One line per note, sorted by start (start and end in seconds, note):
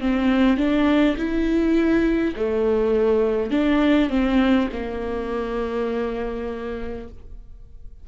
0.00 0.57 C4
0.57 1.16 D4
1.17 2.34 E4
2.36 3.51 A3
3.51 4.09 D4
4.09 4.68 C4
4.72 7.07 A#3